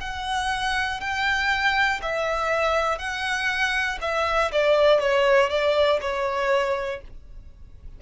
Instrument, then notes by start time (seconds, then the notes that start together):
violin
0.00 F#5
1.00 G5
2.02 E5
2.98 F#5
4.01 E5
4.51 D5
5.00 C#5
5.50 D5
6.00 C#5